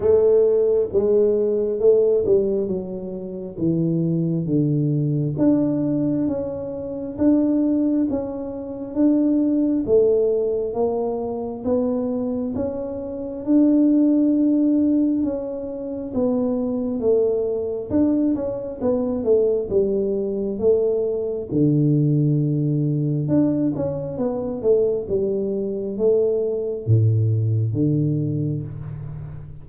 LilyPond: \new Staff \with { instrumentName = "tuba" } { \time 4/4 \tempo 4 = 67 a4 gis4 a8 g8 fis4 | e4 d4 d'4 cis'4 | d'4 cis'4 d'4 a4 | ais4 b4 cis'4 d'4~ |
d'4 cis'4 b4 a4 | d'8 cis'8 b8 a8 g4 a4 | d2 d'8 cis'8 b8 a8 | g4 a4 a,4 d4 | }